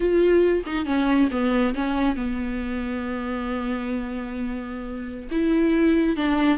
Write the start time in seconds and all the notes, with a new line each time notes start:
0.00 F4
0.66 D#4
0.85 C#4
1.31 B3
1.75 C#4
2.16 B3
5.31 E4
6.16 D4